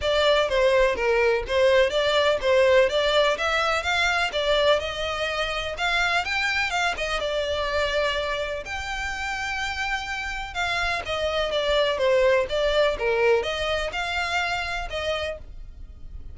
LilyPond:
\new Staff \with { instrumentName = "violin" } { \time 4/4 \tempo 4 = 125 d''4 c''4 ais'4 c''4 | d''4 c''4 d''4 e''4 | f''4 d''4 dis''2 | f''4 g''4 f''8 dis''8 d''4~ |
d''2 g''2~ | g''2 f''4 dis''4 | d''4 c''4 d''4 ais'4 | dis''4 f''2 dis''4 | }